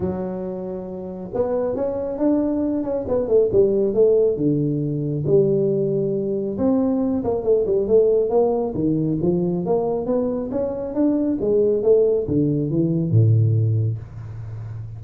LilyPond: \new Staff \with { instrumentName = "tuba" } { \time 4/4 \tempo 4 = 137 fis2. b4 | cis'4 d'4. cis'8 b8 a8 | g4 a4 d2 | g2. c'4~ |
c'8 ais8 a8 g8 a4 ais4 | dis4 f4 ais4 b4 | cis'4 d'4 gis4 a4 | d4 e4 a,2 | }